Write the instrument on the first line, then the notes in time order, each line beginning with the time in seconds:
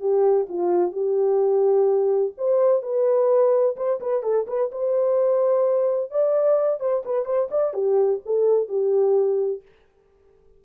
horn
0.00 G4
0.49 F4
0.92 G4
2.38 C5
2.83 B4
3.77 C5
4.01 B4
4.23 A4
4.47 B4
4.72 C5
6.11 D5
6.80 C5
7.05 B4
7.26 C5
7.51 D5
7.74 G4
8.26 A4
8.68 G4